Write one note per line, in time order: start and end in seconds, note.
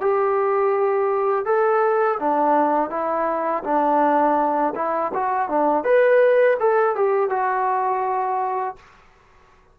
0.00 1.45 G4
1.45 2.18 A4
2.19 2.90 D4
2.90 3.63 E4
3.64 4.74 D4
4.75 5.12 E4
5.14 5.48 F#4
5.48 5.84 D4
5.84 6.57 B4
6.60 6.95 A4
6.95 7.30 G4
7.30 8.76 F#4